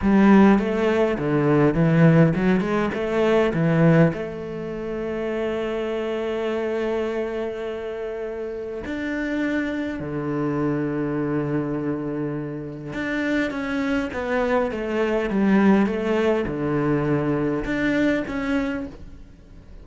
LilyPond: \new Staff \with { instrumentName = "cello" } { \time 4/4 \tempo 4 = 102 g4 a4 d4 e4 | fis8 gis8 a4 e4 a4~ | a1~ | a2. d'4~ |
d'4 d2.~ | d2 d'4 cis'4 | b4 a4 g4 a4 | d2 d'4 cis'4 | }